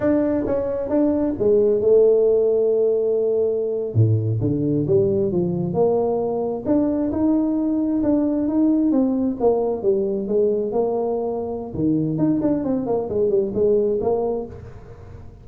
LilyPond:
\new Staff \with { instrumentName = "tuba" } { \time 4/4 \tempo 4 = 133 d'4 cis'4 d'4 gis4 | a1~ | a8. a,4 d4 g4 f16~ | f8. ais2 d'4 dis'16~ |
dis'4.~ dis'16 d'4 dis'4 c'16~ | c'8. ais4 g4 gis4 ais16~ | ais2 dis4 dis'8 d'8 | c'8 ais8 gis8 g8 gis4 ais4 | }